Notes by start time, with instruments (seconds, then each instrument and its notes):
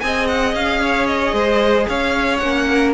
0.00 cello C4, viola G#4, violin D#5 G#5
0.28 violin F#5
0.54 cello C#4, violin F5
0.81 violin C#5
1.07 violin D#5
1.33 cello G#3, violin C5
1.89 cello C#4, violin C#5 F5
2.37 cello A#3, viola C#4, violin F#5
2.70 violin A#4